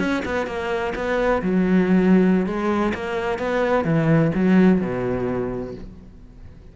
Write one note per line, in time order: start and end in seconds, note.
0.00 0.23 C#4
0.26 0.47 B3
0.47 0.94 A#3
0.95 1.42 B3
1.43 2.47 F#3
2.47 2.94 G#3
2.95 3.39 A#3
3.39 3.85 B3
3.85 4.32 E3
4.35 4.82 F#3
4.82 5.75 B2